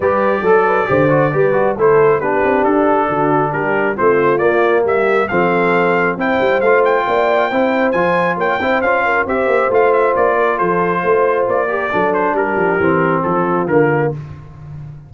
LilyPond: <<
  \new Staff \with { instrumentName = "trumpet" } { \time 4/4 \tempo 4 = 136 d''1 | c''4 b'4 a'2 | ais'4 c''4 d''4 e''4 | f''2 g''4 f''8 g''8~ |
g''2 gis''4 g''4 | f''4 e''4 f''8 e''8 d''4 | c''2 d''4. c''8 | ais'2 a'4 ais'4 | }
  \new Staff \with { instrumentName = "horn" } { \time 4/4 b'4 a'8 b'8 c''4 b'4 | a'4 g'2 fis'4 | g'4 f'2 g'4 | a'2 c''2 |
d''4 c''2 cis''8 c''8~ | c''8 ais'8 c''2~ c''8 ais'8 | a'4 c''4. ais'8 a'4 | g'2 f'2 | }
  \new Staff \with { instrumentName = "trombone" } { \time 4/4 g'4 a'4 g'8 fis'8 g'8 fis'8 | e'4 d'2.~ | d'4 c'4 ais2 | c'2 e'4 f'4~ |
f'4 e'4 f'4. e'8 | f'4 g'4 f'2~ | f'2~ f'8 g'8 d'4~ | d'4 c'2 ais4 | }
  \new Staff \with { instrumentName = "tuba" } { \time 4/4 g4 fis4 d4 g4 | a4 b8 c'8 d'4 d4 | g4 a4 ais4 g4 | f2 c'8 g8 a4 |
ais4 c'4 f4 ais8 c'8 | cis'4 c'8 ais8 a4 ais4 | f4 a4 ais4 fis4 | g8 f8 e4 f4 d4 | }
>>